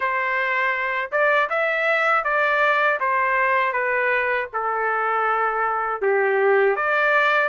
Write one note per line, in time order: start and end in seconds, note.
0.00 1.10 C5
1.11 1.49 D5
1.49 2.24 E5
2.24 2.99 D5
3.00 3.72 C5
3.72 4.47 B4
4.53 6.01 A4
6.01 6.76 G4
6.76 7.49 D5